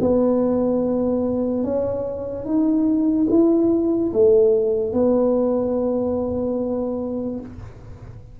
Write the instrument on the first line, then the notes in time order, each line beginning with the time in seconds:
tuba
0.00 B3
1.64 C#4
2.45 D#4
3.30 E4
4.13 A3
4.93 B3